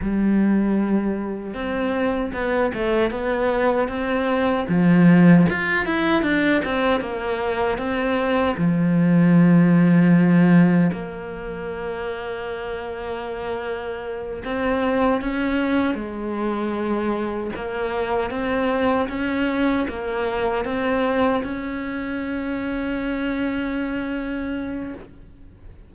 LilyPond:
\new Staff \with { instrumentName = "cello" } { \time 4/4 \tempo 4 = 77 g2 c'4 b8 a8 | b4 c'4 f4 f'8 e'8 | d'8 c'8 ais4 c'4 f4~ | f2 ais2~ |
ais2~ ais8 c'4 cis'8~ | cis'8 gis2 ais4 c'8~ | c'8 cis'4 ais4 c'4 cis'8~ | cis'1 | }